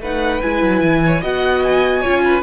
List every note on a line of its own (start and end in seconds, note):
0.00 0.41 A3
0.00 0.42 D#4
0.00 1.03 B4
0.00 0.42 F#5
0.42 0.63 G#3
0.42 1.23 E4
0.42 1.23 G#5
0.63 0.82 F#3
0.82 1.22 E3
1.07 1.21 C#5
1.21 2.04 B3
1.21 2.04 F#4
1.21 2.01 D#5
1.21 1.64 F#5
1.64 2.43 G#5
2.01 2.43 F4
2.01 2.21 C#5
2.08 2.43 C#4
2.25 2.43 B4